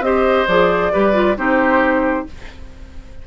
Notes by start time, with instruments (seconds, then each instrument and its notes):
0.00 bassoon C4, clarinet G4, oboe C5, flute D#5
0.47 bassoon F3, clarinet G#4, flute D5
0.92 bassoon G3, clarinet G4, oboe B4
1.13 clarinet F4
1.37 bassoon C4, clarinet D#4, oboe G4, flute C5